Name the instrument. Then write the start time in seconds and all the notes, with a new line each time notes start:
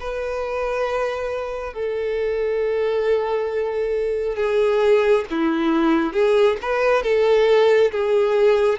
violin
0.00 B4
1.74 A4
4.36 G#4
5.30 E4
6.13 G#4
6.62 B4
7.03 A4
7.91 G#4